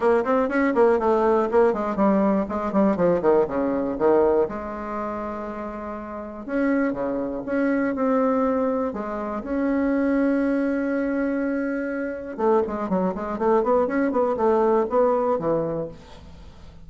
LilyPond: \new Staff \with { instrumentName = "bassoon" } { \time 4/4 \tempo 4 = 121 ais8 c'8 cis'8 ais8 a4 ais8 gis8 | g4 gis8 g8 f8 dis8 cis4 | dis4 gis2.~ | gis4 cis'4 cis4 cis'4 |
c'2 gis4 cis'4~ | cis'1~ | cis'4 a8 gis8 fis8 gis8 a8 b8 | cis'8 b8 a4 b4 e4 | }